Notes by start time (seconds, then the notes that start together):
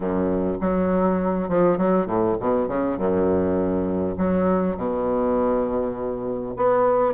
0.00 F#2
0.60 F#3
1.49 F3
1.77 F#3
2.06 A2
2.40 B2
2.67 C#3
2.97 F#2
4.17 F#3
4.77 B2
6.56 B3